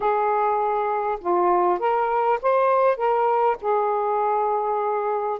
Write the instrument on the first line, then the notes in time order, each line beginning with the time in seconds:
saxophone
0.00 G#4
1.20 F4
1.79 A#4
2.42 C5
2.96 A#4
3.61 G#4